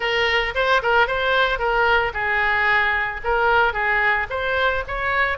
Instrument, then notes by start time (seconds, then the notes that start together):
oboe
0.00 A#4
0.54 C5
0.82 A#4
1.07 C5
1.59 A#4
2.13 G#4
3.24 A#4
3.73 G#4
4.30 C5
4.87 C#5